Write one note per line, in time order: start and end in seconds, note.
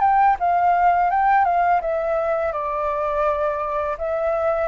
0.00 0.36 G5
0.39 1.10 F5
1.10 1.45 G5
1.45 1.81 F5
1.81 2.52 E5
2.52 3.97 D5
3.98 4.68 E5